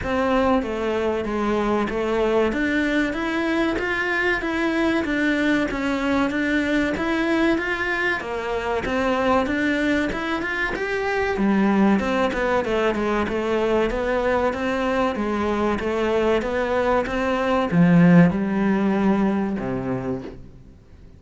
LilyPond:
\new Staff \with { instrumentName = "cello" } { \time 4/4 \tempo 4 = 95 c'4 a4 gis4 a4 | d'4 e'4 f'4 e'4 | d'4 cis'4 d'4 e'4 | f'4 ais4 c'4 d'4 |
e'8 f'8 g'4 g4 c'8 b8 | a8 gis8 a4 b4 c'4 | gis4 a4 b4 c'4 | f4 g2 c4 | }